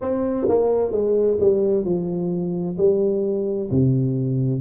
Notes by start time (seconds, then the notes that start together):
0.01 C4
0.48 A#3
0.91 G#3
1.40 G3
1.84 F3
2.77 G3
3.70 C3